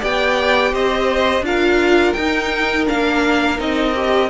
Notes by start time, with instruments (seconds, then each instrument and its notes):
0.00 cello B3, viola G4, violin D5 G5
0.73 cello C4, violin C5 D#5
1.41 cello D4, viola F4, violin A#4 F5
2.13 viola D#4, cello D#4, violin G5
2.85 cello A#3, viola D4, violin F5
3.57 cello C4, viola D#4, violin D#5
3.94 viola G4